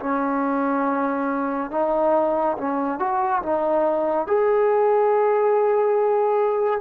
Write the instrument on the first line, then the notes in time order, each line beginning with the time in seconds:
trombone
0.00 C#4
1.71 D#4
2.58 C#4
3.00 F#4
3.43 D#4
4.27 G#4